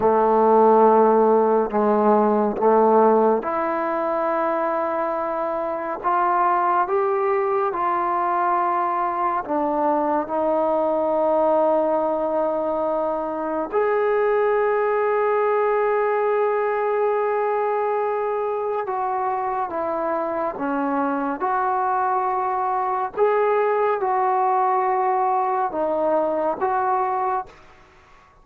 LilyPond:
\new Staff \with { instrumentName = "trombone" } { \time 4/4 \tempo 4 = 70 a2 gis4 a4 | e'2. f'4 | g'4 f'2 d'4 | dis'1 |
gis'1~ | gis'2 fis'4 e'4 | cis'4 fis'2 gis'4 | fis'2 dis'4 fis'4 | }